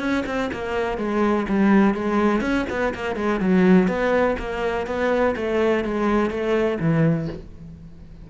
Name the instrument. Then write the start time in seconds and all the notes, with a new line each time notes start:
cello
0.00 C#4
0.27 C4
0.53 A#3
0.98 G#3
1.49 G3
1.95 G#3
2.42 C#4
2.70 B3
2.95 A#3
3.16 G#3
3.41 F#3
3.88 B3
4.39 A#3
4.87 B3
5.37 A3
5.85 G#3
6.30 A3
6.80 E3